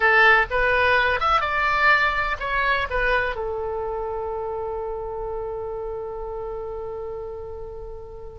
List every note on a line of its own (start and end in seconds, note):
0.00 0.45 A4
0.50 1.20 B4
1.20 1.40 E5
1.40 2.36 D5
2.39 2.87 C#5
2.90 3.35 B4
3.35 8.39 A4